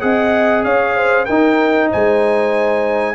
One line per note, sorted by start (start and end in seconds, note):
0.00 0.64 C4
0.00 1.26 G#4
0.00 0.64 D#5
0.00 0.63 F#5
0.64 1.27 C#4
0.64 0.94 C#5
0.64 1.25 F5
0.94 1.26 C5
1.25 1.92 D#4
1.25 3.14 D#4
1.25 1.89 A#4
1.25 1.88 G5
1.90 3.14 G#3
1.90 3.14 C5
1.90 3.14 G#5